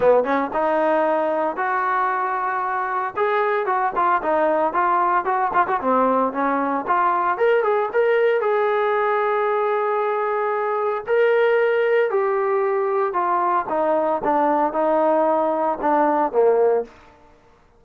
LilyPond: \new Staff \with { instrumentName = "trombone" } { \time 4/4 \tempo 4 = 114 b8 cis'8 dis'2 fis'4~ | fis'2 gis'4 fis'8 f'8 | dis'4 f'4 fis'8 f'16 fis'16 c'4 | cis'4 f'4 ais'8 gis'8 ais'4 |
gis'1~ | gis'4 ais'2 g'4~ | g'4 f'4 dis'4 d'4 | dis'2 d'4 ais4 | }